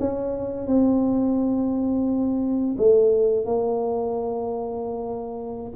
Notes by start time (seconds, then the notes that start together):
0.00 C#4
0.67 C4
2.78 A3
3.46 A#3